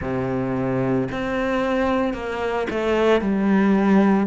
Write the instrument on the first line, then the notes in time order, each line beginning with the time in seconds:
cello
0.01 C3
1.12 C4
2.13 A#3
2.70 A3
3.21 G3